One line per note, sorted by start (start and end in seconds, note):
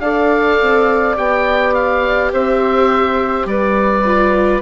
0.00 0.58 D4
0.00 1.14 A4
0.00 2.31 D5
0.00 1.15 F5
0.61 1.17 C4
1.14 2.32 B3
1.14 4.03 G4
1.14 1.74 G5
1.74 2.31 F5
2.32 3.45 C4
2.32 3.48 C5
2.32 3.47 E5
3.45 4.60 G3
3.45 4.62 B4
3.45 4.62 D5
4.04 4.62 F4